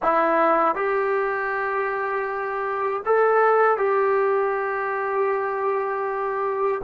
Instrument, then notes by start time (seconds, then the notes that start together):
trombone
0.02 E4
0.75 G4
3.05 A4
3.77 G4